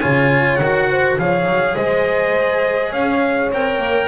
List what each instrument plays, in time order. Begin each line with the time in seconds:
0.00 double bass C#3, cello F4, horn C#5, trumpet G#5
0.56 double bass D#3, trumpet F#5
0.63 cello F#4
0.90 horn C5
1.18 double bass F3, cello G#4, horn C#5, trumpet F5
1.46 double bass F#3
1.75 double bass G#3, horn C5, trumpet D#5
2.91 double bass C#4, horn C#5, trumpet F5
3.51 double bass C4, cello A#4, trumpet G5
3.78 double bass A#3